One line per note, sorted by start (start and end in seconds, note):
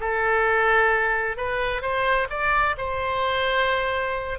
0.00 1.37 A4
1.37 1.82 B4
1.82 2.28 C5
2.30 2.76 D5
2.77 4.39 C5